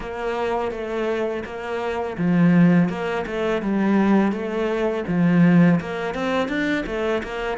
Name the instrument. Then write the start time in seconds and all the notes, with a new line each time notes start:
cello
0.00 A#3
0.71 A3
1.44 A#3
2.17 F3
2.89 A#3
3.26 A3
3.61 G3
4.31 A3
5.07 F3
5.80 A#3
6.14 C4
6.48 D4
6.86 A3
7.23 A#3